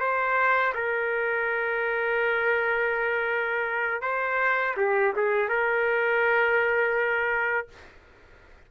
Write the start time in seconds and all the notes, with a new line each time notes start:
0.00 C5
0.74 A#4
4.01 C5
4.77 G4
5.16 G#4
5.48 A#4